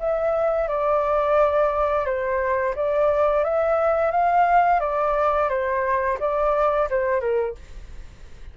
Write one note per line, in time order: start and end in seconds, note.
0.00 0.68 E5
0.68 2.06 D5
2.06 2.75 C5
2.76 3.45 D5
3.45 4.11 E5
4.11 4.80 F5
4.81 5.50 D5
5.50 6.18 C5
6.20 6.89 D5
6.90 7.21 C5
7.21 7.55 A#4